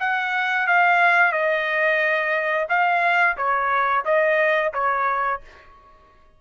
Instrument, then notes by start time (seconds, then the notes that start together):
trumpet
0.00 F#5
0.67 F5
1.33 D#5
2.69 F5
3.37 C#5
4.05 D#5
4.74 C#5